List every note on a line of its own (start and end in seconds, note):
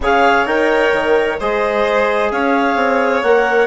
0.00 0.45 C#3
0.00 0.46 G#4
0.00 1.39 C#5
0.00 0.46 F5
0.46 0.92 D#4
0.46 1.38 A#4
0.46 1.38 G5
0.93 1.39 D#3
1.39 2.31 G#3
1.39 3.25 G#4
1.39 2.31 C5
1.39 2.31 D#5
2.31 2.75 C#4
2.31 3.66 C#5
2.31 3.22 F5
2.75 3.21 C4
3.22 3.66 A#3
3.22 3.66 A#4
3.22 3.66 F#5